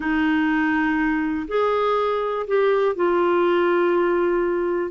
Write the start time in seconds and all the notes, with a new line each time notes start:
0.00 D#4
1.48 G#4
2.47 G4
2.95 F4